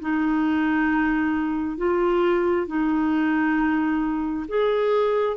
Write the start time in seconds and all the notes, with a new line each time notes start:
0.00 D#4
1.77 F4
2.67 D#4
4.48 G#4